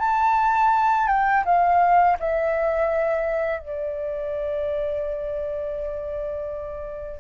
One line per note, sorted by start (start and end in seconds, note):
0.00 1.08 A5
1.08 1.44 G5
1.46 2.18 F5
2.20 3.60 E5
3.60 7.20 D5